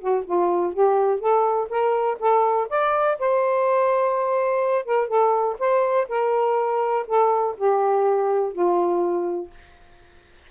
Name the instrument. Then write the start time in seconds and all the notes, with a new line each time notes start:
saxophone
0.00 F#4
0.25 F4
0.74 G4
1.20 A4
1.69 A#4
2.20 A4
2.70 D5
3.19 C5
4.85 A#4
5.08 A4
5.59 C5
6.09 A#4
7.07 A4
7.57 G4
8.53 F4